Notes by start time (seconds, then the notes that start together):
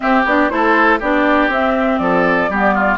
0.00 C4 G4 E5
0.25 B3 D4 D5
0.49 A3 E4 A4 C5
0.99 B3 D4 G4 D5
1.48 C4 E5
1.98 F3 A4 D5
2.49 G3 B3 G4
2.74 F4